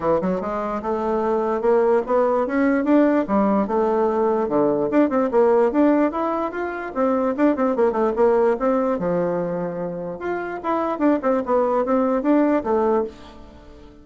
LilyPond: \new Staff \with { instrumentName = "bassoon" } { \time 4/4 \tempo 4 = 147 e8 fis8 gis4 a2 | ais4 b4 cis'4 d'4 | g4 a2 d4 | d'8 c'8 ais4 d'4 e'4 |
f'4 c'4 d'8 c'8 ais8 a8 | ais4 c'4 f2~ | f4 f'4 e'4 d'8 c'8 | b4 c'4 d'4 a4 | }